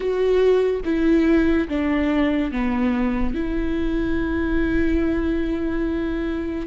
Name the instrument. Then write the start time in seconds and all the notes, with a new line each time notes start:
viola
0.00 F#4
0.84 E4
1.68 D4
2.51 B3
3.34 E4